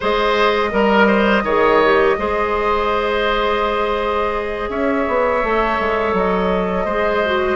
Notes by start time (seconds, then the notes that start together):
0.00 G#3 G#4 C5 D#5
0.70 G3 A#4
1.07 C5
1.43 D#3 G#4 C#5
1.83 G4
2.18 G#3 G#4 C5
4.69 C#4 C#5 E5
5.08 B3
5.43 A3 A4
5.79 G#3
6.13 F#3 D#5
6.84 G#3 G#4 C5
7.25 F#4